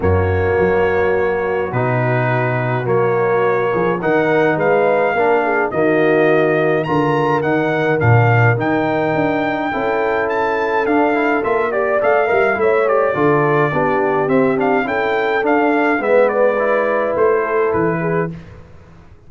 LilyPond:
<<
  \new Staff \with { instrumentName = "trumpet" } { \time 4/4 \tempo 4 = 105 cis''2. b'4~ | b'4 cis''2 fis''4 | f''2 dis''2 | ais''4 fis''4 f''4 g''4~ |
g''2 a''4 f''4 | e''8 d''8 f''4 e''8 d''4.~ | d''4 e''8 f''8 g''4 f''4 | e''8 d''4. c''4 b'4 | }
  \new Staff \with { instrumentName = "horn" } { \time 4/4 fis'1~ | fis'2~ fis'8 gis'8 ais'4 | b'4 ais'8 gis'8 fis'2 | ais'1~ |
ais'4 a'2.~ | a'8 d''4 e''8 cis''4 a'4 | g'2 a'2 | b'2~ b'8 a'4 gis'8 | }
  \new Staff \with { instrumentName = "trombone" } { \time 4/4 ais2. dis'4~ | dis'4 ais2 dis'4~ | dis'4 d'4 ais2 | f'4 dis'4 d'4 dis'4~ |
dis'4 e'2 d'8 e'8 | f'8 g'8 a'8 ais'8 e'8 g'8 f'4 | d'4 c'8 d'8 e'4 d'4 | b4 e'2. | }
  \new Staff \with { instrumentName = "tuba" } { \time 4/4 fis,4 fis2 b,4~ | b,4 fis4. f8 dis4 | gis4 ais4 dis2 | d4 dis4 ais,4 dis4 |
d'4 cis'2 d'4 | ais4 a8 g8 a4 d4 | b4 c'4 cis'4 d'4 | gis2 a4 e4 | }
>>